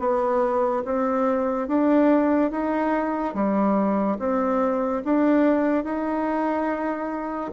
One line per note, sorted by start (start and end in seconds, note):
0.00 0.83 B3
0.85 1.69 C4
1.69 2.52 D4
2.52 3.35 D#4
3.35 4.18 G3
4.20 5.03 C4
5.05 5.84 D4
5.84 7.51 D#4